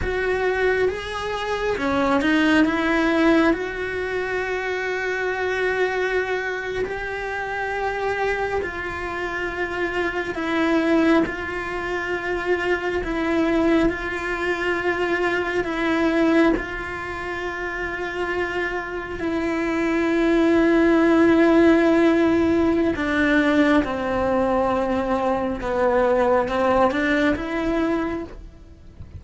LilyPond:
\new Staff \with { instrumentName = "cello" } { \time 4/4 \tempo 4 = 68 fis'4 gis'4 cis'8 dis'8 e'4 | fis'2.~ fis'8. g'16~ | g'4.~ g'16 f'2 e'16~ | e'8. f'2 e'4 f'16~ |
f'4.~ f'16 e'4 f'4~ f'16~ | f'4.~ f'16 e'2~ e'16~ | e'2 d'4 c'4~ | c'4 b4 c'8 d'8 e'4 | }